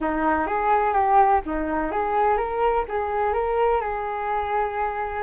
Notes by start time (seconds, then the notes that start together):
0.00 D#4
0.46 G#4
0.93 G4
1.45 D#4
1.91 G#4
2.37 A#4
2.88 G#4
3.33 A#4
3.80 G#4